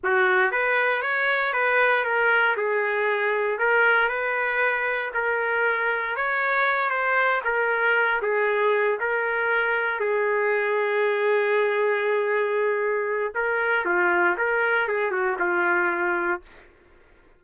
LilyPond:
\new Staff \with { instrumentName = "trumpet" } { \time 4/4 \tempo 4 = 117 fis'4 b'4 cis''4 b'4 | ais'4 gis'2 ais'4 | b'2 ais'2 | cis''4. c''4 ais'4. |
gis'4. ais'2 gis'8~ | gis'1~ | gis'2 ais'4 f'4 | ais'4 gis'8 fis'8 f'2 | }